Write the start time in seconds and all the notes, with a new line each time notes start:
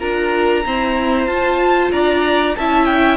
0.00 D4 F4 A#4 A#5
0.66 C4 E4 C5
1.27 F4 A5
1.92 D4 D5 A#5
2.57 C#4 E4 E5 A5
2.86 G5